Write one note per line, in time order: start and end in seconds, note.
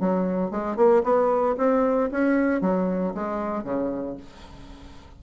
0.00 0.51 F#3
0.51 0.77 G#3
0.77 1.03 A#3
1.04 1.56 B3
1.58 2.11 C4
2.11 2.61 C#4
2.61 3.14 F#3
3.15 3.64 G#3
3.64 4.17 C#3